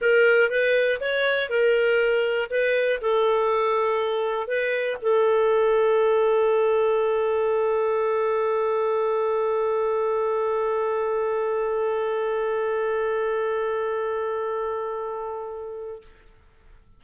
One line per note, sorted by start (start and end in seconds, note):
0.01 0.50 A#4
0.50 1.00 B4
1.00 1.49 C#5
1.49 2.49 A#4
2.50 3.00 B4
3.01 4.47 A4
4.47 4.97 B4
5.01 16.01 A4